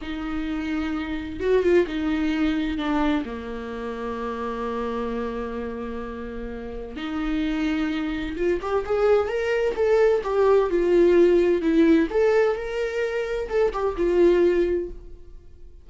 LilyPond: \new Staff \with { instrumentName = "viola" } { \time 4/4 \tempo 4 = 129 dis'2. fis'8 f'8 | dis'2 d'4 ais4~ | ais1~ | ais2. dis'4~ |
dis'2 f'8 g'8 gis'4 | ais'4 a'4 g'4 f'4~ | f'4 e'4 a'4 ais'4~ | ais'4 a'8 g'8 f'2 | }